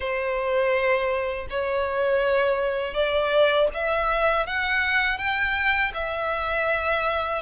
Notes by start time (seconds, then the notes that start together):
0.00 C5
1.49 C#5
2.94 D5
3.74 E5
4.46 F#5
5.18 G5
5.94 E5